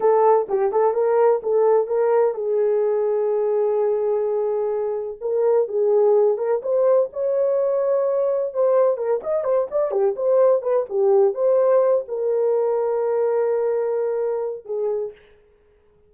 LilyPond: \new Staff \with { instrumentName = "horn" } { \time 4/4 \tempo 4 = 127 a'4 g'8 a'8 ais'4 a'4 | ais'4 gis'2.~ | gis'2. ais'4 | gis'4. ais'8 c''4 cis''4~ |
cis''2 c''4 ais'8 dis''8 | c''8 d''8 g'8 c''4 b'8 g'4 | c''4. ais'2~ ais'8~ | ais'2. gis'4 | }